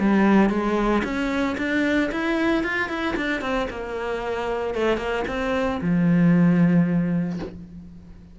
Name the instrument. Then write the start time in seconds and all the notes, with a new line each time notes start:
cello
0.00 G3
0.50 G#3
1.04 C#4
1.58 D4
2.12 E4
2.64 F4
2.89 E4
3.17 D4
3.42 C4
3.70 A#3
4.75 A3
4.98 A#3
5.28 C4
5.82 F3